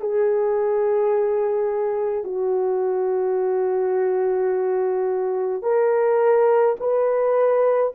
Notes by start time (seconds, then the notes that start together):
0.00 G#4
2.24 F#4
5.62 A#4
6.80 B4